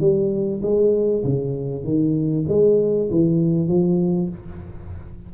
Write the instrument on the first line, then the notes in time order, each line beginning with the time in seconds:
tuba
0.00 G3
0.63 G#3
1.24 C#3
1.84 D#3
2.49 G#3
3.11 E3
3.68 F3